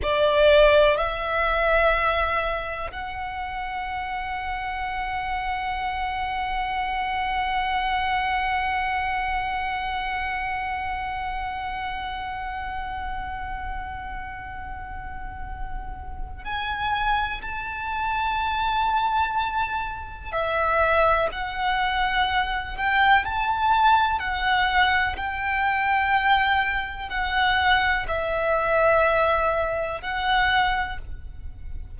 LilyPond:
\new Staff \with { instrumentName = "violin" } { \time 4/4 \tempo 4 = 62 d''4 e''2 fis''4~ | fis''1~ | fis''1~ | fis''1~ |
fis''4 gis''4 a''2~ | a''4 e''4 fis''4. g''8 | a''4 fis''4 g''2 | fis''4 e''2 fis''4 | }